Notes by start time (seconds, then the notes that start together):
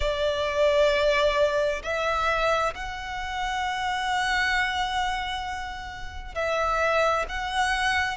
0.00 D5
1.83 E5
2.74 F#5
6.34 E5
7.29 F#5